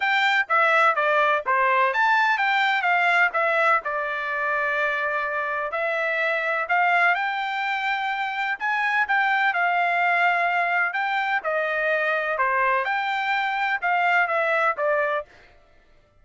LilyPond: \new Staff \with { instrumentName = "trumpet" } { \time 4/4 \tempo 4 = 126 g''4 e''4 d''4 c''4 | a''4 g''4 f''4 e''4 | d''1 | e''2 f''4 g''4~ |
g''2 gis''4 g''4 | f''2. g''4 | dis''2 c''4 g''4~ | g''4 f''4 e''4 d''4 | }